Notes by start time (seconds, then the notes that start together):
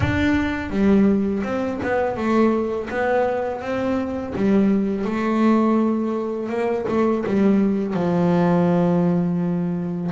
0.00 D4
0.70 G3
1.43 C4
1.82 B3
2.16 A3
2.90 B3
3.61 C4
4.35 G3
5.04 A3
6.49 A#3
6.88 A3
7.26 G3
7.94 F3